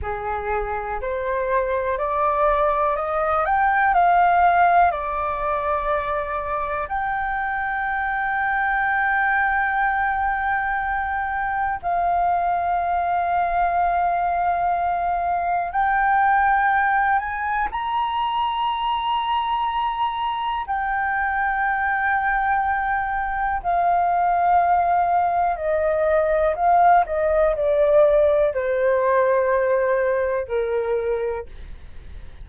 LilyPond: \new Staff \with { instrumentName = "flute" } { \time 4/4 \tempo 4 = 61 gis'4 c''4 d''4 dis''8 g''8 | f''4 d''2 g''4~ | g''1 | f''1 |
g''4. gis''8 ais''2~ | ais''4 g''2. | f''2 dis''4 f''8 dis''8 | d''4 c''2 ais'4 | }